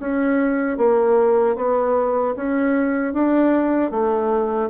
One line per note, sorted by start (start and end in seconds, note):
0.00 0.78 C#4
0.78 1.56 A#3
1.56 2.35 B3
2.36 3.14 C#4
3.14 3.91 D4
3.91 4.70 A3